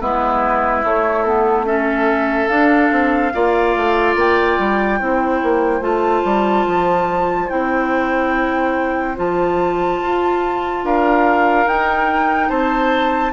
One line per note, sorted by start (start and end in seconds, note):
0.00 0.84 G#3
0.00 0.83 B3
0.00 1.66 E4
0.00 0.84 B4
0.83 1.24 A3
0.83 2.49 A3
0.83 1.23 C#5
1.23 1.65 B3
1.23 1.65 A4
1.65 2.49 C#4
1.65 3.33 A4
1.65 2.48 E5
2.48 2.90 D4
2.48 3.33 D4
2.48 4.15 F5
2.91 3.32 C4
3.33 3.76 A#3
3.33 5.00 F4
3.33 4.99 D5
3.76 4.15 A3
4.15 4.57 A#3
4.15 5.83 G5
4.59 5.00 G3
4.99 5.42 C4
4.99 5.81 E4
4.99 10.83 C5
5.42 5.81 A#3
5.81 6.22 A3
5.81 7.48 F4
5.81 7.49 A5
6.24 6.66 G3
6.66 7.50 F3
7.49 9.18 C4
7.49 9.15 E4
7.49 9.16 G5
9.16 10.01 F3
9.16 11.66 F4
9.16 10.85 A5
10.02 10.84 F4
10.84 11.66 D4
10.84 12.49 A#4
10.84 11.68 F5
11.66 12.49 D#4
11.66 13.33 D#4
11.66 12.49 G5
12.49 13.33 C4
12.49 13.32 C5
12.49 13.33 A5